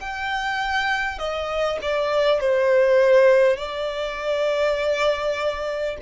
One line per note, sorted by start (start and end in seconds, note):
0.00 1.18 G5
1.18 1.78 D#5
1.82 2.41 D5
2.41 3.57 C5
3.57 5.97 D5